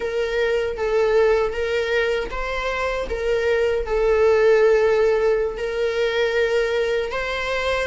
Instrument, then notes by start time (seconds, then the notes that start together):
viola
0.00 A#4
0.77 A4
1.52 A#4
2.30 C5
3.09 A#4
3.85 A4
5.57 A#4
7.11 C5